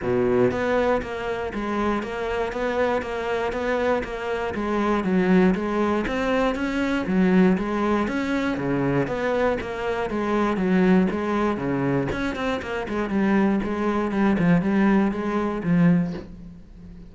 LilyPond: \new Staff \with { instrumentName = "cello" } { \time 4/4 \tempo 4 = 119 b,4 b4 ais4 gis4 | ais4 b4 ais4 b4 | ais4 gis4 fis4 gis4 | c'4 cis'4 fis4 gis4 |
cis'4 cis4 b4 ais4 | gis4 fis4 gis4 cis4 | cis'8 c'8 ais8 gis8 g4 gis4 | g8 f8 g4 gis4 f4 | }